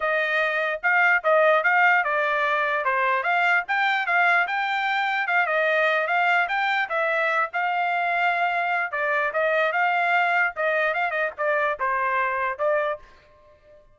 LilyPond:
\new Staff \with { instrumentName = "trumpet" } { \time 4/4 \tempo 4 = 148 dis''2 f''4 dis''4 | f''4 d''2 c''4 | f''4 g''4 f''4 g''4~ | g''4 f''8 dis''4. f''4 |
g''4 e''4. f''4.~ | f''2 d''4 dis''4 | f''2 dis''4 f''8 dis''8 | d''4 c''2 d''4 | }